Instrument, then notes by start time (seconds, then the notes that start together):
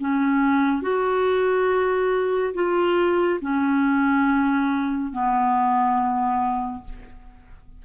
clarinet
0.00 C#4
0.82 F#4
2.54 F4
3.41 C#4
5.13 B3